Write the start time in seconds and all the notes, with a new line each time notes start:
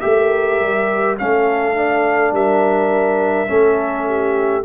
0.00 A3 G4 A#4 E5
0.61 G3
1.17 A3 C#4 A4 F5
1.75 D4
2.31 G3 A#4 E5
3.46 A3 C#4 A4
4.07 G4